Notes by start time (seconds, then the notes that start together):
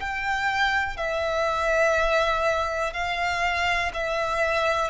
0.00 G5
0.96 E5
2.93 F5
3.93 E5